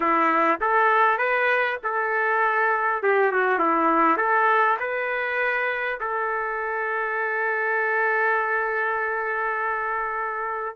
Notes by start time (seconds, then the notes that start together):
0.00 E4
0.60 A4
1.18 B4
1.83 A4
3.02 G4
3.32 F#4
3.58 E4
4.17 A4
4.79 B4
6.00 A4